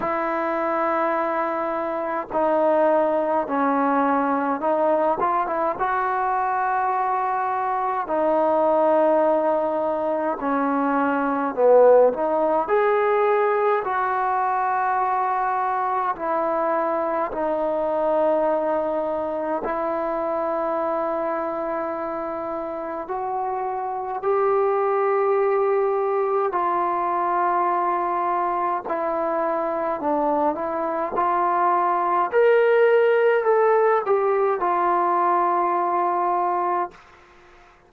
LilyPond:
\new Staff \with { instrumentName = "trombone" } { \time 4/4 \tempo 4 = 52 e'2 dis'4 cis'4 | dis'8 f'16 e'16 fis'2 dis'4~ | dis'4 cis'4 b8 dis'8 gis'4 | fis'2 e'4 dis'4~ |
dis'4 e'2. | fis'4 g'2 f'4~ | f'4 e'4 d'8 e'8 f'4 | ais'4 a'8 g'8 f'2 | }